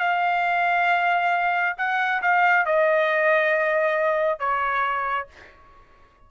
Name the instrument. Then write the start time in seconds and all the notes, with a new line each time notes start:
trumpet
0.00 F5
1.78 F#5
2.22 F5
2.66 D#5
4.40 C#5